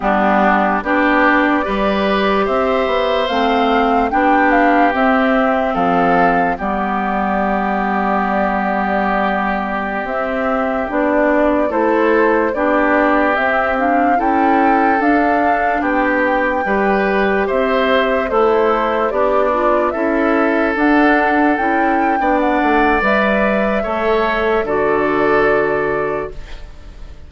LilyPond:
<<
  \new Staff \with { instrumentName = "flute" } { \time 4/4 \tempo 4 = 73 g'4 d''2 e''4 | f''4 g''8 f''8 e''4 f''4 | d''1~ | d''16 e''4 d''4 c''4 d''8.~ |
d''16 e''8 f''8 g''4 f''4 g''8.~ | g''4~ g''16 e''4 c''4 d''8.~ | d''16 e''4 fis''4 g''4 fis''8. | e''2 d''2 | }
  \new Staff \with { instrumentName = "oboe" } { \time 4/4 d'4 g'4 b'4 c''4~ | c''4 g'2 a'4 | g'1~ | g'2~ g'16 a'4 g'8.~ |
g'4~ g'16 a'2 g'8.~ | g'16 b'4 c''4 e'4 d'8.~ | d'16 a'2~ a'8. d''4~ | d''4 cis''4 a'2 | }
  \new Staff \with { instrumentName = "clarinet" } { \time 4/4 b4 d'4 g'2 | c'4 d'4 c'2 | b1~ | b16 c'4 d'4 e'4 d'8.~ |
d'16 c'8 d'8 e'4 d'4.~ d'16~ | d'16 g'2 a'4 g'8 f'16~ | f'16 e'4 d'4 e'8. d'4 | b'4 a'4 fis'2 | }
  \new Staff \with { instrumentName = "bassoon" } { \time 4/4 g4 b4 g4 c'8 b8 | a4 b4 c'4 f4 | g1~ | g16 c'4 b4 a4 b8.~ |
b16 c'4 cis'4 d'4 b8.~ | b16 g4 c'4 a4 b8.~ | b16 cis'4 d'4 cis'8. b8 a8 | g4 a4 d2 | }
>>